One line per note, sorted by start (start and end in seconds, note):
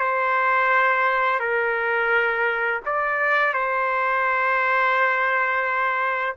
0.00 1.40 C5
1.40 2.81 A#4
2.86 3.54 D5
3.54 6.37 C5